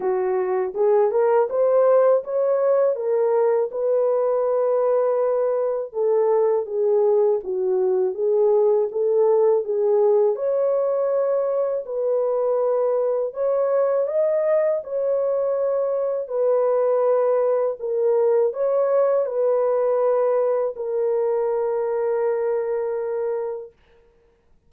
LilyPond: \new Staff \with { instrumentName = "horn" } { \time 4/4 \tempo 4 = 81 fis'4 gis'8 ais'8 c''4 cis''4 | ais'4 b'2. | a'4 gis'4 fis'4 gis'4 | a'4 gis'4 cis''2 |
b'2 cis''4 dis''4 | cis''2 b'2 | ais'4 cis''4 b'2 | ais'1 | }